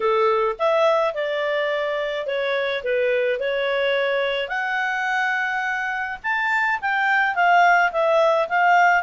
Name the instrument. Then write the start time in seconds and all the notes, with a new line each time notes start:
clarinet
0.00 A4
0.58 E5
1.14 D5
2.26 C#5
2.83 B4
3.39 C#5
4.48 F#5
6.23 A5
6.81 G5
7.35 F5
7.91 E5
8.48 F5